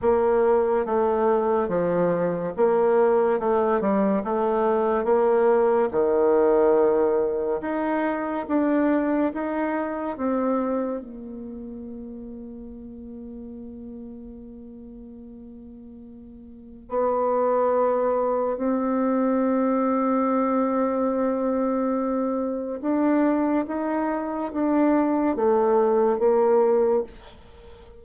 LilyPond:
\new Staff \with { instrumentName = "bassoon" } { \time 4/4 \tempo 4 = 71 ais4 a4 f4 ais4 | a8 g8 a4 ais4 dis4~ | dis4 dis'4 d'4 dis'4 | c'4 ais2.~ |
ais1 | b2 c'2~ | c'2. d'4 | dis'4 d'4 a4 ais4 | }